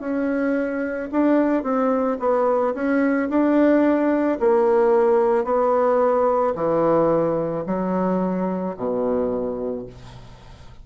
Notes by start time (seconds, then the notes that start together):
0.00 C#4
1.12 D4
1.63 C4
2.20 B3
2.74 C#4
3.29 D4
4.40 A#3
5.44 B3
6.56 E3
7.67 F#3
8.77 B2